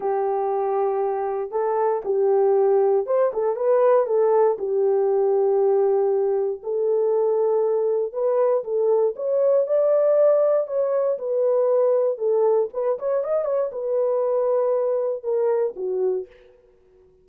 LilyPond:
\new Staff \with { instrumentName = "horn" } { \time 4/4 \tempo 4 = 118 g'2. a'4 | g'2 c''8 a'8 b'4 | a'4 g'2.~ | g'4 a'2. |
b'4 a'4 cis''4 d''4~ | d''4 cis''4 b'2 | a'4 b'8 cis''8 dis''8 cis''8 b'4~ | b'2 ais'4 fis'4 | }